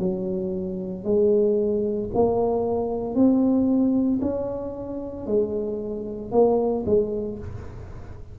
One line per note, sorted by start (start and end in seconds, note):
0.00 1.05 F#3
1.05 2.10 G#3
2.15 3.15 A#3
3.15 4.21 C4
4.22 5.27 C#4
5.27 6.32 G#3
6.32 6.85 A#3
6.87 7.39 G#3